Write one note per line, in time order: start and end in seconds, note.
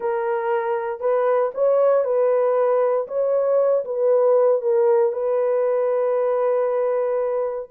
0.00 1.00 A#4
1.00 1.51 B4
1.54 2.04 C#5
2.04 3.07 B4
3.07 3.84 C#5
3.84 4.61 B4
4.61 5.12 A#4
5.12 7.69 B4